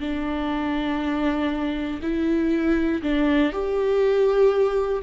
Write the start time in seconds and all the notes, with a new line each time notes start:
0.00 D4
2.02 E4
3.02 D4
3.52 G4